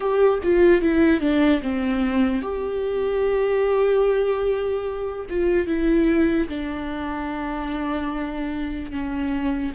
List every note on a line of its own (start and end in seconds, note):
0.00 0.39 G4
0.43 0.81 F4
0.81 1.20 E4
1.20 1.61 D4
1.62 2.42 C4
2.42 5.26 G4
5.29 5.66 F4
5.66 6.48 E4
6.48 8.91 D4
8.91 9.72 C#4